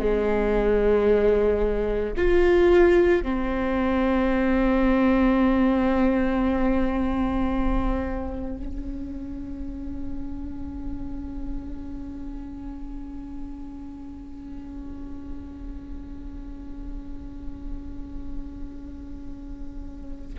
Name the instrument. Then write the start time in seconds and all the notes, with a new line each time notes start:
viola
0.00 G#3
2.17 F4
3.23 C4
8.56 C#4